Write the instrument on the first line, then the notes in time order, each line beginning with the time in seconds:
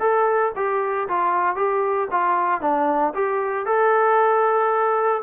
trombone
0.00 A4
0.56 G4
1.08 F4
1.56 G4
2.11 F4
2.61 D4
3.14 G4
3.66 A4